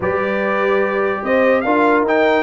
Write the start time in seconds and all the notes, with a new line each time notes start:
0.00 G3 G4 B4 D5
1.22 C4 C5 D#5
1.61 D4 F4 A#4 F5
2.02 D#4 G5